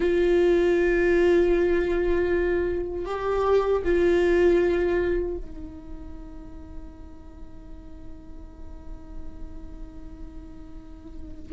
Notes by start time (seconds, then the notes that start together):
0.00 F4
3.05 G4
3.84 F4
5.37 D#4